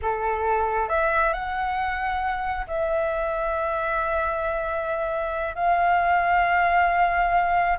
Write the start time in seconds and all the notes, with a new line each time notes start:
0.02 A4
0.88 E5
1.33 F#5
2.67 E5
5.55 F5